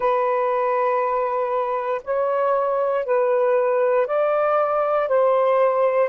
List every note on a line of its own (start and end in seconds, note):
0.00 2.01 B4
2.03 3.05 C#5
3.05 4.06 B4
4.06 5.08 D5
5.08 6.09 C5